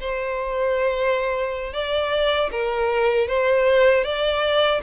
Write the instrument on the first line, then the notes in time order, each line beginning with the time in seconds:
violin
0.00 C5
1.73 D5
2.51 A#4
3.27 C5
4.04 D5